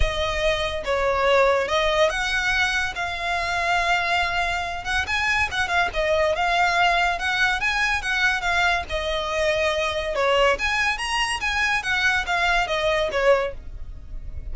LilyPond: \new Staff \with { instrumentName = "violin" } { \time 4/4 \tempo 4 = 142 dis''2 cis''2 | dis''4 fis''2 f''4~ | f''2.~ f''8 fis''8 | gis''4 fis''8 f''8 dis''4 f''4~ |
f''4 fis''4 gis''4 fis''4 | f''4 dis''2. | cis''4 gis''4 ais''4 gis''4 | fis''4 f''4 dis''4 cis''4 | }